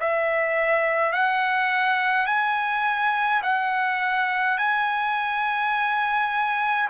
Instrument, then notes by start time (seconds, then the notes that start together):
trumpet
0.00 E5
1.12 F#5
2.26 G#5
3.42 F#5
4.58 G#5